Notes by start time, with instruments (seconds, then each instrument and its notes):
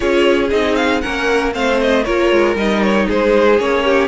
0.00 cello C#4, viola F4, violin G#4 C#5
0.50 cello C4, viola D#4, violin D#5
0.75 violin F5
1.01 cello A#3, viola C#4, violin A#4 F#5
1.52 cello A3, viola C4, violin C5 F5
1.81 violin D#5
2.03 cello A#3, viola F4, violin A#4 C#5
2.31 cello G#3
2.55 cello G3, viola D#4, violin D#5
2.82 violin C#5
3.07 cello G#3, violin G#4 C5
3.58 cello A#3, viola C#4, violin C#5
3.84 violin G4